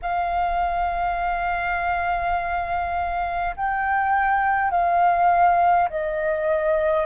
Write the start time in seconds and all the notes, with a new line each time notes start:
0.02 F5
3.56 G5
4.71 F5
5.89 D#5